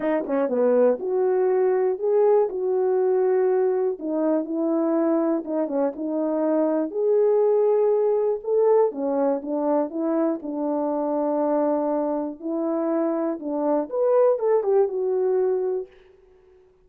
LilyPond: \new Staff \with { instrumentName = "horn" } { \time 4/4 \tempo 4 = 121 dis'8 cis'8 b4 fis'2 | gis'4 fis'2. | dis'4 e'2 dis'8 cis'8 | dis'2 gis'2~ |
gis'4 a'4 cis'4 d'4 | e'4 d'2.~ | d'4 e'2 d'4 | b'4 a'8 g'8 fis'2 | }